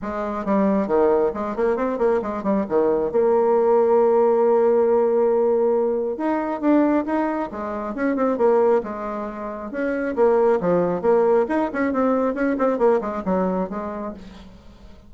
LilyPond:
\new Staff \with { instrumentName = "bassoon" } { \time 4/4 \tempo 4 = 136 gis4 g4 dis4 gis8 ais8 | c'8 ais8 gis8 g8 dis4 ais4~ | ais1~ | ais2 dis'4 d'4 |
dis'4 gis4 cis'8 c'8 ais4 | gis2 cis'4 ais4 | f4 ais4 dis'8 cis'8 c'4 | cis'8 c'8 ais8 gis8 fis4 gis4 | }